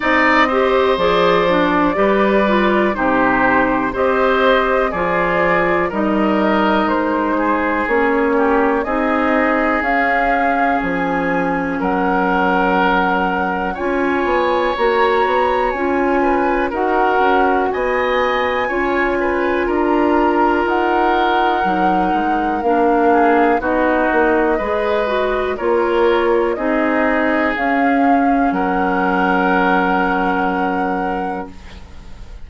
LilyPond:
<<
  \new Staff \with { instrumentName = "flute" } { \time 4/4 \tempo 4 = 61 dis''4 d''2 c''4 | dis''4 d''4 dis''4 c''4 | cis''4 dis''4 f''4 gis''4 | fis''2 gis''4 ais''4 |
gis''4 fis''4 gis''2 | ais''4 fis''2 f''4 | dis''2 cis''4 dis''4 | f''4 fis''2. | }
  \new Staff \with { instrumentName = "oboe" } { \time 4/4 d''8 c''4. b'4 g'4 | c''4 gis'4 ais'4. gis'8~ | gis'8 g'8 gis'2. | ais'2 cis''2~ |
cis''8 b'8 ais'4 dis''4 cis''8 b'8 | ais'2.~ ais'8 gis'8 | fis'4 b'4 ais'4 gis'4~ | gis'4 ais'2. | }
  \new Staff \with { instrumentName = "clarinet" } { \time 4/4 dis'8 g'8 gis'8 d'8 g'8 f'8 dis'4 | g'4 f'4 dis'2 | cis'4 dis'4 cis'2~ | cis'2 f'4 fis'4 |
f'4 fis'2 f'4~ | f'2 dis'4 d'4 | dis'4 gis'8 fis'8 f'4 dis'4 | cis'1 | }
  \new Staff \with { instrumentName = "bassoon" } { \time 4/4 c'4 f4 g4 c4 | c'4 f4 g4 gis4 | ais4 c'4 cis'4 f4 | fis2 cis'8 b8 ais8 b8 |
cis'4 dis'8 cis'8 b4 cis'4 | d'4 dis'4 fis8 gis8 ais4 | b8 ais8 gis4 ais4 c'4 | cis'4 fis2. | }
>>